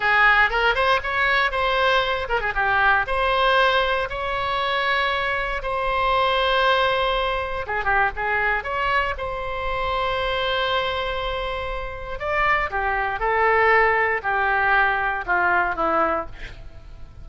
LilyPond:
\new Staff \with { instrumentName = "oboe" } { \time 4/4 \tempo 4 = 118 gis'4 ais'8 c''8 cis''4 c''4~ | c''8 ais'16 gis'16 g'4 c''2 | cis''2. c''4~ | c''2. gis'8 g'8 |
gis'4 cis''4 c''2~ | c''1 | d''4 g'4 a'2 | g'2 f'4 e'4 | }